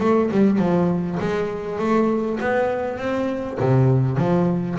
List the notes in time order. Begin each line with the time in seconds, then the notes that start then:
0.00 A3
0.31 G3
0.58 F3
1.20 G#3
1.79 A3
2.40 B3
2.98 C4
3.60 C3
4.17 F3